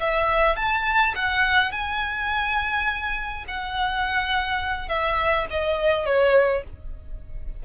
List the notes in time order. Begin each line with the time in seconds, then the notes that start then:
0.00 E5
0.56 A5
1.15 F#5
1.72 G#5
3.48 F#5
4.89 E5
5.50 D#5
6.06 C#5